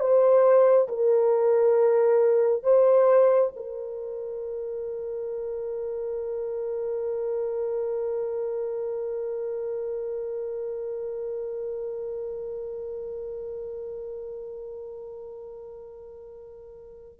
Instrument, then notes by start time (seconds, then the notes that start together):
horn
0.00 C5
0.89 A#4
2.63 C5
3.56 A#4